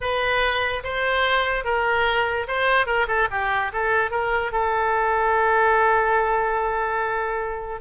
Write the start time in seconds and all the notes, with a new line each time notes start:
0.01 B4
0.83 C5
1.64 A#4
2.47 C5
2.86 A#4
3.07 A4
3.30 G4
3.72 A4
4.11 A#4
4.51 A4